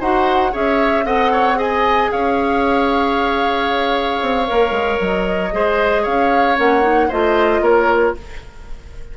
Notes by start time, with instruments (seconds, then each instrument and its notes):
0.00 bassoon D#4, clarinet F#4, oboe C5, flute F#5
0.52 bassoon C#4, clarinet G#4, oboe C#5, flute E5
1.04 bassoon C4, clarinet A4, oboe D#5, flute F#5
1.32 oboe C#5
1.56 clarinet G#4, oboe D#5, flute G#5
2.11 bassoon C#4, oboe C#5, flute F5
4.22 bassoon C4
4.46 bassoon A#3, clarinet A#4
4.71 bassoon G#3
5.00 bassoon F#3, flute D#5
5.52 bassoon G#3, clarinet G#4, oboe C5
6.02 bassoon C#4, oboe C#5, flute F5
6.56 bassoon A#3, clarinet C#4, flute F#5
6.82 clarinet D#4
7.08 bassoon A3, clarinet F4, oboe C5, flute D#5
7.61 bassoon A#3, oboe A#4, flute C#5